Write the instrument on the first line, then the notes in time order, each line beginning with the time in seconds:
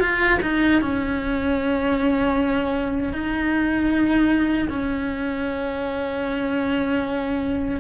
cello
0.00 F4
0.42 D#4
0.81 C#4
3.12 D#4
4.69 C#4